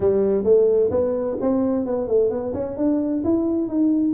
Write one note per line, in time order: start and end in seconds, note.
0.00 0.43 G3
0.43 0.90 A3
0.91 1.37 B3
1.41 1.85 C4
1.85 2.07 B3
2.07 2.30 A3
2.30 2.53 B3
2.53 2.76 C#4
2.77 3.23 D4
3.23 3.68 E4
3.68 4.14 D#4